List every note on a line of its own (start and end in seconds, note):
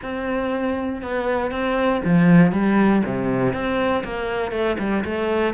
0.02 1.02 C4
1.02 1.51 B3
1.51 2.01 C4
2.04 2.52 F3
2.52 3.02 G3
3.05 3.53 C3
3.53 4.03 C4
4.04 4.51 A#3
4.51 4.76 A3
4.79 5.04 G3
5.04 5.54 A3